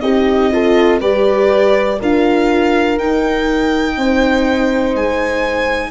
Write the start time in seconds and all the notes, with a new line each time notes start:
0.00 C4 D#4 G4 D#5
0.51 F4 A4
1.00 G3 G4 B4 D5
1.99 D4 F4 A#4 F5
2.98 D#4 G5
3.97 C4 C5
4.95 G#3 G#5